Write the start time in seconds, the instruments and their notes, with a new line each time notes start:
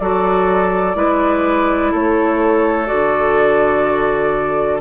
0.00 bassoon F#3, clarinet F#4, oboe A4, flute D5
0.95 bassoon G#3, clarinet E4, oboe B4
1.92 bassoon A3, oboe A4, flute C#5
2.86 bassoon D3, clarinet F#4, flute D5